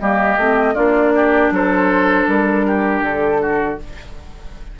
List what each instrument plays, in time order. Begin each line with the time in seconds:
0.00 bassoon G3, clarinet A#3, oboe G4, flute D#5
0.37 bassoon A3, clarinet C4
0.75 bassoon A#3, clarinet D4, oboe F4, flute D5
1.16 oboe G4
1.51 bassoon F#3, oboe A4, flute C5
2.28 bassoon G3, flute A#4
2.67 oboe G4
3.01 bassoon D3, flute A4
3.42 oboe F#4